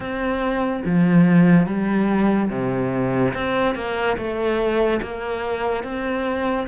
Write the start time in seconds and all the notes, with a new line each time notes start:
0.00 C4
0.85 F3
1.66 G3
2.50 C3
3.33 C4
3.75 A#3
4.17 A3
5.02 A#3
5.83 C4